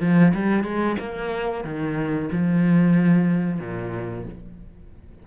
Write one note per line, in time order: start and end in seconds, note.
0.00 0.33 F3
0.34 0.63 G3
0.63 0.96 G#3
0.99 1.64 A#3
1.64 2.29 D#3
2.32 3.59 F3
3.59 4.25 A#2